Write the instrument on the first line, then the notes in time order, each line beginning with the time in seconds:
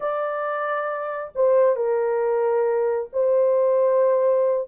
horn
0.00 D5
1.35 C5
1.76 A#4
3.12 C5